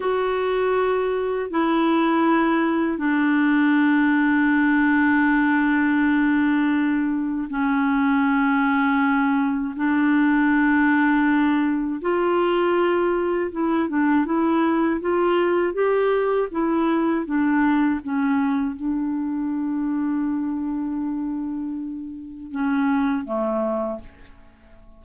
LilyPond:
\new Staff \with { instrumentName = "clarinet" } { \time 4/4 \tempo 4 = 80 fis'2 e'2 | d'1~ | d'2 cis'2~ | cis'4 d'2. |
f'2 e'8 d'8 e'4 | f'4 g'4 e'4 d'4 | cis'4 d'2.~ | d'2 cis'4 a4 | }